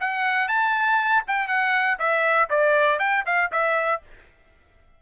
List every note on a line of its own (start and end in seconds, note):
0.00 0.48 F#5
0.48 1.23 A5
1.27 1.47 G5
1.47 1.97 F#5
1.99 2.49 E5
2.49 2.99 D5
2.99 3.24 G5
3.25 3.50 F5
3.52 4.02 E5